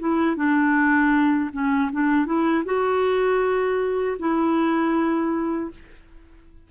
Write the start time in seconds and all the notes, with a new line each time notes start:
0.00 E4
0.37 D4
1.53 C#4
1.93 D4
2.26 E4
2.65 F#4
4.19 E4